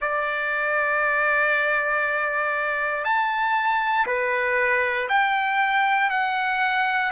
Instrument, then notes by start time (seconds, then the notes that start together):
trumpet
0.00 D5
3.04 A5
4.06 B4
5.08 G5
6.10 F#5